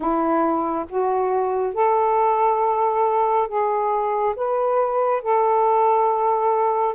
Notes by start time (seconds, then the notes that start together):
0.00 E4
0.89 F#4
1.74 A4
3.47 G#4
4.36 B4
5.22 A4